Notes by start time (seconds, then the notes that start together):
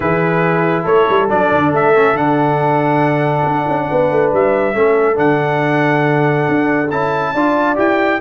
0.00 E3 E4 G#4 B4
0.83 A3 A4 C#5
1.09 G3
1.29 F#3 D4 D5
1.51 D3
1.72 A3 E5
1.95 C#4
2.12 D3 D4 F#5
3.45 D4
3.68 C#4
3.90 B3 B4
4.10 A3
4.32 G3 E5
4.74 A3 C#4 A4
5.14 D3 D4 F#5
6.48 D4
6.90 C#4 E4 A5
7.33 D4 F4 D5
7.75 E4 G4 G5